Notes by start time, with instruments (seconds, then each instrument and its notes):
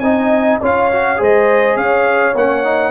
0.00 tuba C4, trombone D#4, horn D#5, trumpet G#5
0.61 tuba C#4, trombone F4, horn C#5, trumpet F5
0.92 trombone F#4
1.17 tuba G#3, trombone G#4, horn C5
1.23 trumpet D#5
1.76 tuba C#4, horn C#5, trumpet F5
2.35 tuba A#3, trombone C#4, trumpet F#5
2.63 trombone D#4